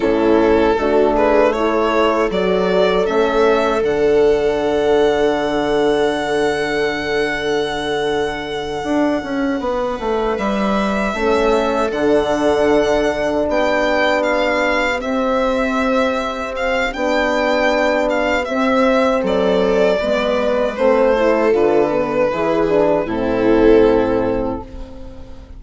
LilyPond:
<<
  \new Staff \with { instrumentName = "violin" } { \time 4/4 \tempo 4 = 78 a'4. b'8 cis''4 d''4 | e''4 fis''2.~ | fis''1~ | fis''4. e''2 fis''8~ |
fis''4. g''4 f''4 e''8~ | e''4. f''8 g''4. f''8 | e''4 d''2 c''4 | b'2 a'2 | }
  \new Staff \with { instrumentName = "viola" } { \time 4/4 e'4 fis'8 gis'8 a'2~ | a'1~ | a'1~ | a'8 b'2 a'4.~ |
a'4. g'2~ g'8~ | g'1~ | g'4 a'4 b'4. a'8~ | a'4 gis'4 e'2 | }
  \new Staff \with { instrumentName = "horn" } { \time 4/4 cis'4 d'4 e'4 fis'4 | cis'4 d'2.~ | d'1~ | d'2~ d'8 cis'4 d'8~ |
d'2.~ d'8 c'8~ | c'2 d'2 | c'2 b4 c'8 e'8 | f'8 b8 e'8 d'8 c'2 | }
  \new Staff \with { instrumentName = "bassoon" } { \time 4/4 a,4 a2 fis4 | a4 d2.~ | d2.~ d8 d'8 | cis'8 b8 a8 g4 a4 d8~ |
d4. b2 c'8~ | c'2 b2 | c'4 fis4 gis4 a4 | d4 e4 a,2 | }
>>